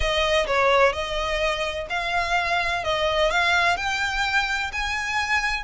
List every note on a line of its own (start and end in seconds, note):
0.00 0.46 D#5
0.46 0.92 C#5
0.92 1.87 D#5
1.89 2.84 F5
2.84 3.30 D#5
3.30 3.76 F5
3.76 4.71 G5
4.72 5.63 G#5